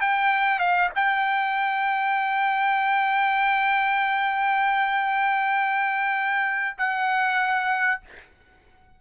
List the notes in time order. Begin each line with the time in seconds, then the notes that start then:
0.00 G5
0.59 F5
0.95 G5
6.78 F#5